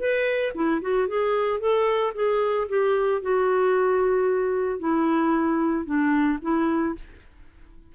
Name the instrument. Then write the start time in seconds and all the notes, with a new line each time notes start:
clarinet
0.00 B4
0.55 E4
0.82 F#4
1.08 G#4
1.60 A4
2.15 G#4
2.69 G4
3.22 F#4
4.80 E4
5.86 D4
6.42 E4